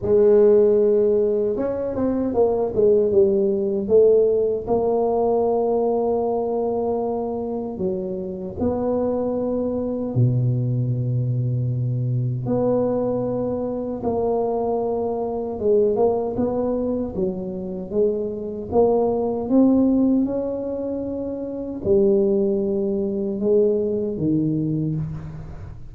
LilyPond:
\new Staff \with { instrumentName = "tuba" } { \time 4/4 \tempo 4 = 77 gis2 cis'8 c'8 ais8 gis8 | g4 a4 ais2~ | ais2 fis4 b4~ | b4 b,2. |
b2 ais2 | gis8 ais8 b4 fis4 gis4 | ais4 c'4 cis'2 | g2 gis4 dis4 | }